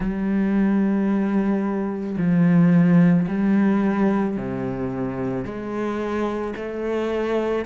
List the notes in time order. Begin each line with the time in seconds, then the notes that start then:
0.00 G3
2.17 F3
3.27 G3
4.36 C3
5.44 G#3
6.56 A3